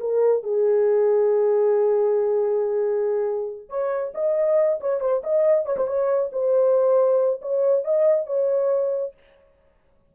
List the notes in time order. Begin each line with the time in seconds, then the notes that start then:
0.00 A#4
0.43 G#4
3.69 C#5
4.14 D#5
4.80 C#5
5.00 C5
5.24 D#5
5.66 C#5
5.77 C5
5.87 C#5
6.32 C5
7.42 C#5
7.84 D#5
8.26 C#5